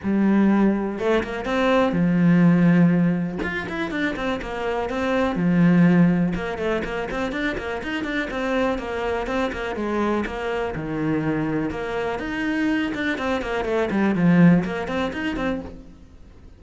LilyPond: \new Staff \with { instrumentName = "cello" } { \time 4/4 \tempo 4 = 123 g2 a8 ais8 c'4 | f2. f'8 e'8 | d'8 c'8 ais4 c'4 f4~ | f4 ais8 a8 ais8 c'8 d'8 ais8 |
dis'8 d'8 c'4 ais4 c'8 ais8 | gis4 ais4 dis2 | ais4 dis'4. d'8 c'8 ais8 | a8 g8 f4 ais8 c'8 dis'8 c'8 | }